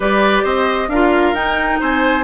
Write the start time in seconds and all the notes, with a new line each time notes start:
0.00 G3 G4 B4 D5
0.43 C4 C5 D#5
0.87 D4 F4 A#4 F5
1.33 D#4 G5
1.80 C4 C5 G#5